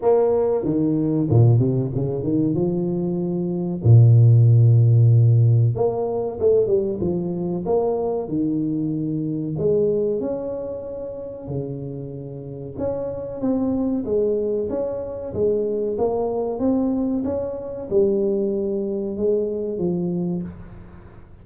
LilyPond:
\new Staff \with { instrumentName = "tuba" } { \time 4/4 \tempo 4 = 94 ais4 dis4 ais,8 c8 cis8 dis8 | f2 ais,2~ | ais,4 ais4 a8 g8 f4 | ais4 dis2 gis4 |
cis'2 cis2 | cis'4 c'4 gis4 cis'4 | gis4 ais4 c'4 cis'4 | g2 gis4 f4 | }